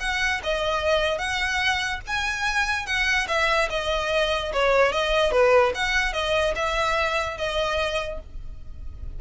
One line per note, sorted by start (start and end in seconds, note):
0.00 0.41 F#5
0.44 1.18 D#5
1.18 2.00 F#5
2.07 2.86 G#5
2.86 3.27 F#5
3.28 3.69 E5
3.70 4.52 D#5
4.53 4.92 C#5
4.92 5.32 D#5
5.32 5.73 B4
5.75 6.13 F#5
6.13 6.54 D#5
6.56 7.37 E5
7.37 8.20 D#5